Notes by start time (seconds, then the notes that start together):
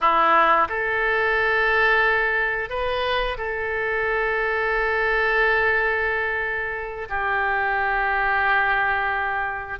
0.00 E4
0.68 A4
2.69 B4
3.37 A4
7.09 G4